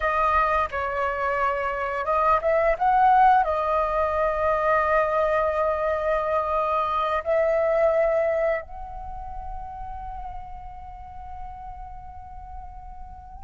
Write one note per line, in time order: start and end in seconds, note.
0.00 0.69 D#5
0.71 2.05 C#5
2.05 2.39 D#5
2.41 2.76 E5
2.78 3.44 F#5
3.44 7.23 D#5
7.24 8.61 E5
8.61 13.44 F#5